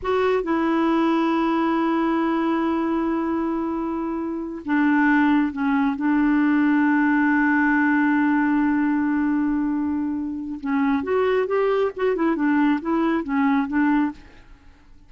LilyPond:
\new Staff \with { instrumentName = "clarinet" } { \time 4/4 \tempo 4 = 136 fis'4 e'2.~ | e'1~ | e'2~ e'8 d'4.~ | d'8 cis'4 d'2~ d'8~ |
d'1~ | d'1 | cis'4 fis'4 g'4 fis'8 e'8 | d'4 e'4 cis'4 d'4 | }